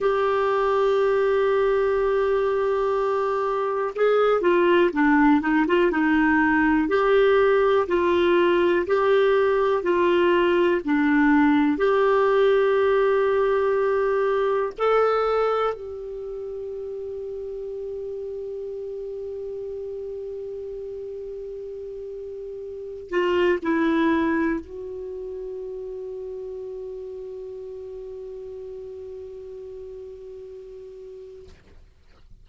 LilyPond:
\new Staff \with { instrumentName = "clarinet" } { \time 4/4 \tempo 4 = 61 g'1 | gis'8 f'8 d'8 dis'16 f'16 dis'4 g'4 | f'4 g'4 f'4 d'4 | g'2. a'4 |
g'1~ | g'2.~ g'8 f'8 | e'4 fis'2.~ | fis'1 | }